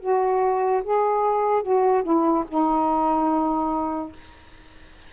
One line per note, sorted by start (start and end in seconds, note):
0.00 0.82 F#4
0.84 1.63 G#4
1.63 2.03 F#4
2.03 2.44 E4
2.48 4.12 D#4